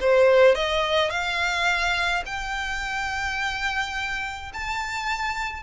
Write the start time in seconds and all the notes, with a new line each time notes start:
0.00 C5
0.55 D#5
1.10 F5
2.26 G5
4.53 A5